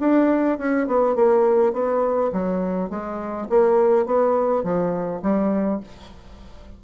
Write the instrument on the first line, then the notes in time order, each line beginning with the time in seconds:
bassoon
0.00 D4
0.59 C#4
0.87 B3
1.16 A#3
1.73 B3
2.33 F#3
2.90 G#3
3.50 A#3
4.06 B3
4.64 F3
5.22 G3